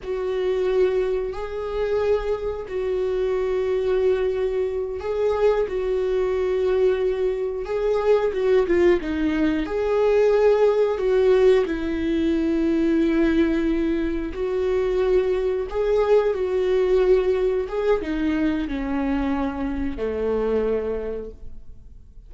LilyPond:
\new Staff \with { instrumentName = "viola" } { \time 4/4 \tempo 4 = 90 fis'2 gis'2 | fis'2.~ fis'8 gis'8~ | gis'8 fis'2. gis'8~ | gis'8 fis'8 f'8 dis'4 gis'4.~ |
gis'8 fis'4 e'2~ e'8~ | e'4. fis'2 gis'8~ | gis'8 fis'2 gis'8 dis'4 | cis'2 a2 | }